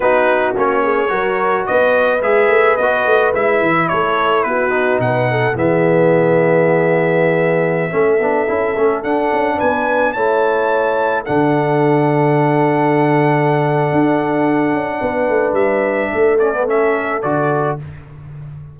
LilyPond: <<
  \new Staff \with { instrumentName = "trumpet" } { \time 4/4 \tempo 4 = 108 b'4 cis''2 dis''4 | e''4 dis''4 e''4 cis''4 | b'4 fis''4 e''2~ | e''1~ |
e''16 fis''4 gis''4 a''4.~ a''16~ | a''16 fis''2.~ fis''8.~ | fis''1 | e''4. d''8 e''4 d''4 | }
  \new Staff \with { instrumentName = "horn" } { \time 4/4 fis'4. gis'8 ais'4 b'4~ | b'2. a'4 | fis'4 b'8 a'8 gis'2~ | gis'2~ gis'16 a'4.~ a'16~ |
a'4~ a'16 b'4 cis''4.~ cis''16~ | cis''16 a'2.~ a'8.~ | a'2. b'4~ | b'4 a'2. | }
  \new Staff \with { instrumentName = "trombone" } { \time 4/4 dis'4 cis'4 fis'2 | gis'4 fis'4 e'2~ | e'8 dis'4. b2~ | b2~ b16 cis'8 d'8 e'8 cis'16~ |
cis'16 d'2 e'4.~ e'16~ | e'16 d'2.~ d'8.~ | d'1~ | d'4. cis'16 b16 cis'4 fis'4 | }
  \new Staff \with { instrumentName = "tuba" } { \time 4/4 b4 ais4 fis4 b4 | gis8 a8 b8 a8 gis8 e8 a4 | b4 b,4 e2~ | e2~ e16 a8 b8 cis'8 a16~ |
a16 d'8 cis'8 b4 a4.~ a16~ | a16 d2.~ d8.~ | d4 d'4. cis'8 b8 a8 | g4 a2 d4 | }
>>